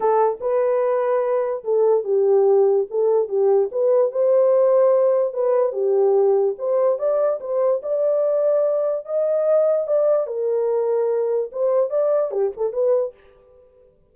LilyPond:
\new Staff \with { instrumentName = "horn" } { \time 4/4 \tempo 4 = 146 a'4 b'2. | a'4 g'2 a'4 | g'4 b'4 c''2~ | c''4 b'4 g'2 |
c''4 d''4 c''4 d''4~ | d''2 dis''2 | d''4 ais'2. | c''4 d''4 g'8 a'8 b'4 | }